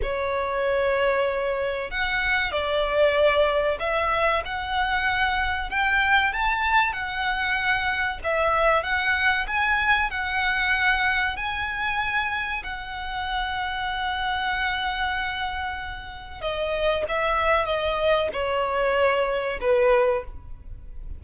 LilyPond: \new Staff \with { instrumentName = "violin" } { \time 4/4 \tempo 4 = 95 cis''2. fis''4 | d''2 e''4 fis''4~ | fis''4 g''4 a''4 fis''4~ | fis''4 e''4 fis''4 gis''4 |
fis''2 gis''2 | fis''1~ | fis''2 dis''4 e''4 | dis''4 cis''2 b'4 | }